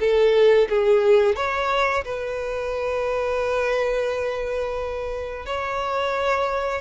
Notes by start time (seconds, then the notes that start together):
0.00 A4
0.69 G#4
1.36 C#5
2.05 B4
5.46 C#5